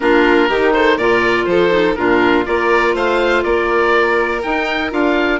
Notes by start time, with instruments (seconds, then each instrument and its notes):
0.00 bassoon A#3, clarinet D4, violin F4, oboe A#4
0.48 bassoon D#3, clarinet D#4, violin G4
0.72 violin A4, oboe C5
0.97 bassoon A#2, clarinet F4, violin A#4, oboe D5
1.45 bassoon F3, violin A4, oboe C5
1.70 clarinet D#4
1.95 bassoon A#2, clarinet D4, violin F4, oboe A#4
2.45 bassoon A#3, clarinet F4, violin A#4, oboe D5
2.94 bassoon A3, violin C5, oboe F5
3.43 bassoon A#3, violin A#4, oboe D5
4.42 clarinet D#4, bassoon D#4, oboe G5
4.90 bassoon D4, clarinet F4, oboe F5